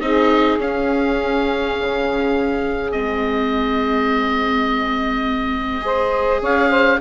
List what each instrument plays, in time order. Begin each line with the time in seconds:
0.00 bassoon C4, viola D#4, saxophone G#4, oboe D#5
0.58 bassoon C#4, viola C#4, oboe F5
1.80 bassoon C#3
2.92 bassoon G#3, viola C4, oboe D#5
5.81 viola G#4, saxophone C5
6.41 bassoon C#4, saxophone C#5, oboe F5
6.70 saxophone C5